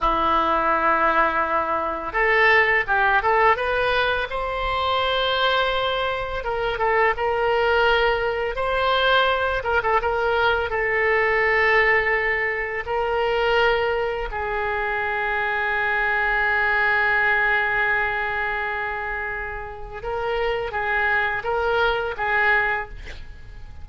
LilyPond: \new Staff \with { instrumentName = "oboe" } { \time 4/4 \tempo 4 = 84 e'2. a'4 | g'8 a'8 b'4 c''2~ | c''4 ais'8 a'8 ais'2 | c''4. ais'16 a'16 ais'4 a'4~ |
a'2 ais'2 | gis'1~ | gis'1 | ais'4 gis'4 ais'4 gis'4 | }